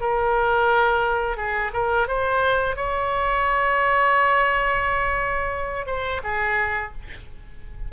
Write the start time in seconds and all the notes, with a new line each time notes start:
0.00 A#4
1.37 G#4
1.73 A#4
2.07 C5
2.76 C#5
5.86 C5
6.23 G#4